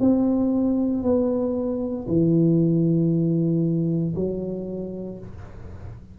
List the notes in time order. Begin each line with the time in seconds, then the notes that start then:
0.00 C4
1.03 B3
2.07 E3
4.15 F#3